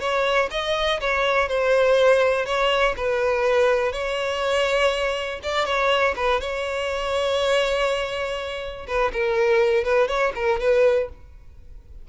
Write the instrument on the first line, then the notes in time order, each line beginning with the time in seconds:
violin
0.00 C#5
0.51 D#5
1.00 C#5
1.48 C5
2.46 C#5
2.97 B4
3.93 C#5
5.43 D5
5.65 C#5
6.16 B4
6.40 C#5
8.87 B4
9.13 A#4
9.84 B4
10.08 C#5
10.35 A#4
10.60 B4